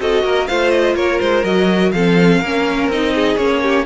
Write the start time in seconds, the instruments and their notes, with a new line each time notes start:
0.00 cello C4, viola F#4, violin A4 D#5
0.24 cello A#3, violin A#4
0.47 cello A3, viola F4, violin C5 F5
0.71 violin D#5
0.95 cello A#3, violin A#4 C#5
1.20 cello G#3, violin C5
1.44 cello F#3, viola F#4, violin D#5
1.92 cello F3, viola C4, violin A4 F5
2.41 cello A#3, viola C#4, violin A#4
2.88 cello C4, viola D#4, violin D#5
3.15 violin G#4
3.37 cello A#3, viola C#4, violin C#5
3.63 violin G4